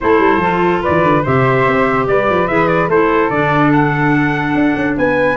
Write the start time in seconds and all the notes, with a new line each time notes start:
0.00 A3 E4 A4 C5
0.19 G3
0.37 F3 F4
0.81 E3 B4 D5
1.02 D3
1.23 C3 G4 C5 E5
1.67 C4
2.07 G3 B4 D5
2.29 F3
2.47 E3 G#4 E5
2.67 D5
2.88 A3 E4 A4 C5
3.30 D3 D4 D5
3.73 F#5
4.54 D4
4.75 C#4
4.97 B3 B4 G#5